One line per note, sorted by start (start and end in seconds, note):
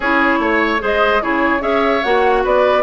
0.00 0.39 C#4
0.00 0.79 E4
0.00 0.39 G#4
0.00 0.81 C#5
0.39 0.79 A3
0.39 0.81 C#5
0.79 1.22 G#3
0.79 1.20 G#4
0.79 1.22 C5
0.79 1.22 D#5
1.21 1.61 C#3
1.21 1.60 E4
1.21 1.62 G#4
1.21 1.62 C#5
1.60 2.02 C#4
1.60 2.00 G#4
1.60 2.43 C#5
1.60 2.03 E5
2.03 2.44 A#3
2.03 2.82 F#4
2.03 2.43 F#5
2.43 2.82 B3
2.43 2.82 B4
2.43 2.82 D5